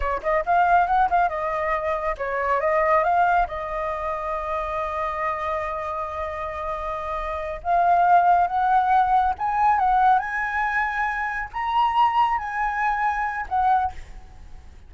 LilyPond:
\new Staff \with { instrumentName = "flute" } { \time 4/4 \tempo 4 = 138 cis''8 dis''8 f''4 fis''8 f''8 dis''4~ | dis''4 cis''4 dis''4 f''4 | dis''1~ | dis''1~ |
dis''4. f''2 fis''8~ | fis''4. gis''4 fis''4 gis''8~ | gis''2~ gis''8 ais''4.~ | ais''8 gis''2~ gis''8 fis''4 | }